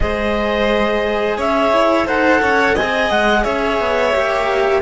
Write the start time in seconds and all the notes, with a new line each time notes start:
0.00 G#3 G#4 C5 D#5
1.37 C#4 C#5 E5
1.72 E4
2.05 D#4 A4 C5 F#5
2.41 C#4 C#5
2.75 C4 D#5 G#5
2.81 G#4
3.10 G#3 F#5
3.43 C#4 C#5 E5
3.79 B3
4.12 A#3 G4